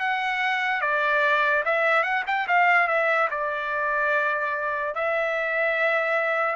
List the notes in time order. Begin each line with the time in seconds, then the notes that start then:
0.00 F#5
0.81 D5
1.65 E5
2.03 F#5
2.26 G5
2.47 F5
2.87 E5
3.30 D5
4.94 E5